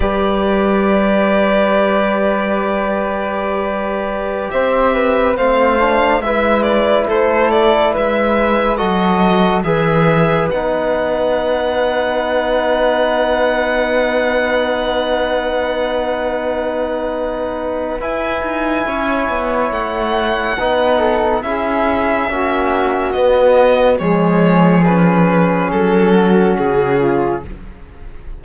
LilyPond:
<<
  \new Staff \with { instrumentName = "violin" } { \time 4/4 \tempo 4 = 70 d''1~ | d''4~ d''16 e''4 f''4 e''8 d''16~ | d''16 c''8 d''8 e''4 dis''4 e''8.~ | e''16 fis''2.~ fis''8.~ |
fis''1~ | fis''4 gis''2 fis''4~ | fis''4 e''2 dis''4 | cis''4 b'4 a'4 gis'4 | }
  \new Staff \with { instrumentName = "flute" } { \time 4/4 b'1~ | b'4~ b'16 c''8 b'8 c''4 b'8.~ | b'16 a'4 b'4 a'4 b'8.~ | b'1~ |
b'1~ | b'2 cis''2 | b'8 a'8 gis'4 fis'2 | gis'2~ gis'8 fis'4 f'8 | }
  \new Staff \with { instrumentName = "trombone" } { \time 4/4 g'1~ | g'2~ g'16 c'8 d'8 e'8.~ | e'2~ e'16 fis'4 gis'8.~ | gis'16 dis'2.~ dis'8.~ |
dis'1~ | dis'4 e'2. | dis'4 e'4 cis'4 b4 | gis4 cis'2. | }
  \new Staff \with { instrumentName = "cello" } { \time 4/4 g1~ | g4~ g16 c'4 a4 gis8.~ | gis16 a4 gis4 fis4 e8.~ | e16 b2.~ b8.~ |
b1~ | b4 e'8 dis'8 cis'8 b8 a4 | b4 cis'4 ais4 b4 | f2 fis4 cis4 | }
>>